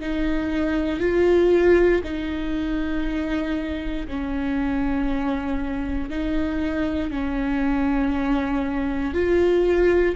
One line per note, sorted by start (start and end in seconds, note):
0.00 0.99 D#4
0.99 2.01 F4
2.03 4.07 D#4
4.07 6.10 C#4
6.10 7.10 D#4
7.10 9.14 C#4
9.14 10.16 F4